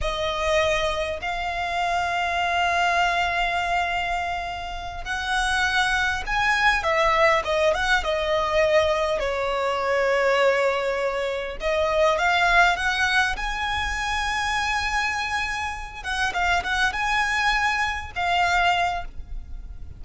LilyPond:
\new Staff \with { instrumentName = "violin" } { \time 4/4 \tempo 4 = 101 dis''2 f''2~ | f''1~ | f''8 fis''2 gis''4 e''8~ | e''8 dis''8 fis''8 dis''2 cis''8~ |
cis''2.~ cis''8 dis''8~ | dis''8 f''4 fis''4 gis''4.~ | gis''2. fis''8 f''8 | fis''8 gis''2 f''4. | }